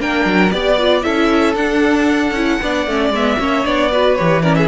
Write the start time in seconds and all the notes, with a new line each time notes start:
0.00 A#3 D4 A#4 G5
0.26 F#3
0.51 B3 G4 D5
0.79 F4
1.03 C#4 E4 A4 E5
1.55 D4 F#5
2.31 C#4 E4
2.62 B3 D4 D5
2.87 A3 C#4
3.10 G#3 B3 E5
3.39 A#3 C#4 C#5
3.65 B3 D4 D5
3.92 F#4 B4
4.16 E3 G4 C#5
4.43 C#4 A#4 D5
4.56 G#4 E5